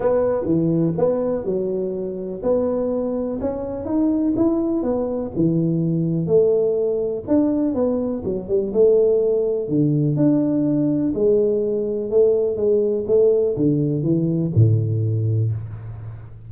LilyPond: \new Staff \with { instrumentName = "tuba" } { \time 4/4 \tempo 4 = 124 b4 e4 b4 fis4~ | fis4 b2 cis'4 | dis'4 e'4 b4 e4~ | e4 a2 d'4 |
b4 fis8 g8 a2 | d4 d'2 gis4~ | gis4 a4 gis4 a4 | d4 e4 a,2 | }